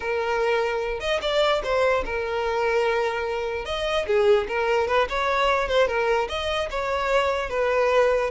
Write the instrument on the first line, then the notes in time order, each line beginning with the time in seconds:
violin
0.00 A#4
1.00 D#5
1.21 D5
1.63 C5
2.05 A#4
3.65 D#5
4.06 G#4
4.47 A#4
4.87 B4
5.09 C#5
5.68 C5
5.87 A#4
6.28 D#5
6.70 C#5
7.49 B4